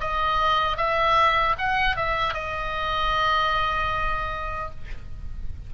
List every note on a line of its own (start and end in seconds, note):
0.00 0.77 D#5
0.77 1.56 E5
1.58 1.96 F#5
1.96 2.34 E5
2.34 4.70 D#5